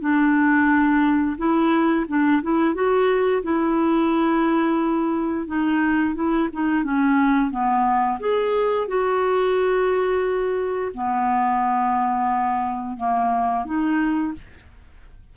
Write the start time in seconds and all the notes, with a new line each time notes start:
0.00 D4
1.37 E4
2.08 D4
2.42 E4
2.74 F#4
3.43 E4
5.46 D#4
6.14 E4
6.52 D#4
6.83 C#4
7.50 B3
8.19 G#4
8.87 F#4
10.94 B3
12.97 A#3
13.65 D#4